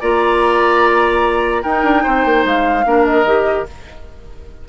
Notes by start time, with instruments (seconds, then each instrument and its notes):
0.00 bassoon A#3, clarinet F4, oboe D5, flute A#5
1.62 bassoon D#4, clarinet D#4, oboe A#4, flute G5
1.83 bassoon D4
2.03 bassoon C4, oboe C5
2.25 bassoon A#3
2.44 bassoon G#3, flute F5
2.84 bassoon A#3, clarinet D4, oboe A#4
3.05 flute D#5
3.24 bassoon D#3, clarinet G4